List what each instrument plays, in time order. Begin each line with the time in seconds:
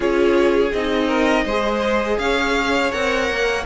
0.00 cello C#4, viola F4, violin G#4 C#5
0.72 cello C4, viola D#4, violin D#5
1.07 violin A#4
1.45 cello G#3, viola G#4, violin C5
2.18 cello C#4, violin C#5 F5
2.91 cello C4, viola A#4, violin F#5
3.29 cello A#3